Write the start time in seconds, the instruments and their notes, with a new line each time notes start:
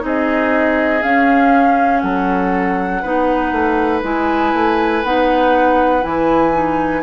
0.00 bassoon C4, clarinet D#4, oboe G#4, flute D#5
1.02 clarinet C#4, bassoon C#4, flute F5
2.01 bassoon F#3, oboe A4, flute F#5
3.02 bassoon B3, clarinet D#4, oboe B4
3.52 bassoon A3
4.03 bassoon G#3, clarinet E4, flute G#5
4.54 bassoon A3
5.04 bassoon B3, clarinet D#4, flute F#5
6.02 bassoon E3, clarinet E4, flute G#5
6.52 clarinet D#4